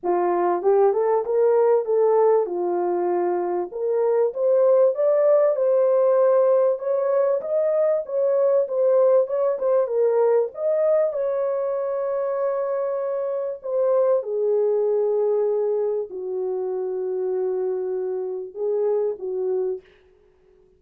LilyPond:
\new Staff \with { instrumentName = "horn" } { \time 4/4 \tempo 4 = 97 f'4 g'8 a'8 ais'4 a'4 | f'2 ais'4 c''4 | d''4 c''2 cis''4 | dis''4 cis''4 c''4 cis''8 c''8 |
ais'4 dis''4 cis''2~ | cis''2 c''4 gis'4~ | gis'2 fis'2~ | fis'2 gis'4 fis'4 | }